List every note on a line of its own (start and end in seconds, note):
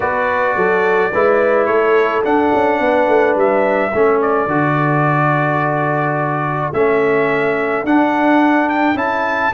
0.00 0.56 B3
0.00 1.12 F#4
0.00 0.55 B4
0.00 1.65 D5
0.56 1.12 F#3
0.56 1.11 A4
1.11 1.66 G#3
1.11 2.23 E4
1.11 1.67 B4
1.65 2.22 A3
1.65 2.79 A4
1.65 2.21 C#5
2.23 3.91 D4
2.23 2.52 D4
2.23 3.36 F#5
2.53 2.79 C#4
2.79 3.07 B3
2.79 3.91 B4
3.07 3.35 A3
3.35 3.91 G3
3.35 4.21 E5
3.91 4.46 A3
3.91 4.48 C#4
3.91 9.52 A4
4.21 6.73 D5
4.46 6.71 D3
4.46 6.73 F#4
6.73 7.83 A3
6.73 7.86 C#4
6.73 7.85 E5
7.83 8.94 D4
7.83 8.95 D4
7.83 8.69 F#5
8.69 8.97 G5
8.94 9.50 C#4
8.94 9.51 E4
8.94 9.53 A5